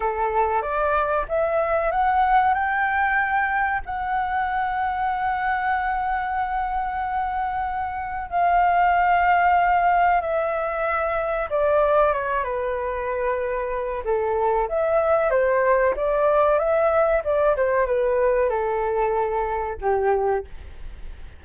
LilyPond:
\new Staff \with { instrumentName = "flute" } { \time 4/4 \tempo 4 = 94 a'4 d''4 e''4 fis''4 | g''2 fis''2~ | fis''1~ | fis''4 f''2. |
e''2 d''4 cis''8 b'8~ | b'2 a'4 e''4 | c''4 d''4 e''4 d''8 c''8 | b'4 a'2 g'4 | }